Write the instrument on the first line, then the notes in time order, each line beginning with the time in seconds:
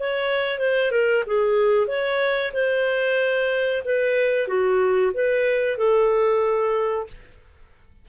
clarinet
0.00 C#5
0.59 C5
0.92 A#4
1.27 G#4
1.88 C#5
2.54 C5
3.85 B4
4.48 F#4
5.14 B4
5.78 A4